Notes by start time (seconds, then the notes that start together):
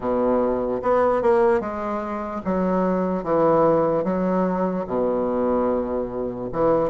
0.00 B2
0.82 B3
1.22 A#3
1.60 G#3
2.45 F#3
3.23 E3
4.04 F#3
4.86 B2
6.52 E3